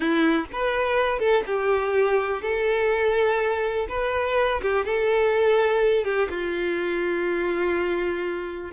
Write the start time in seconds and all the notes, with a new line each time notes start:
0.00 E4
0.52 B4
1.19 A4
1.46 G4
2.42 A4
3.88 B4
4.61 G4
4.85 A4
6.04 G4
6.29 F4